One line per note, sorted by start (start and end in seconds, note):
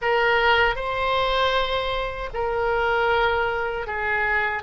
0.01 0.75 A#4
0.75 2.29 C5
2.33 3.87 A#4
3.87 4.62 G#4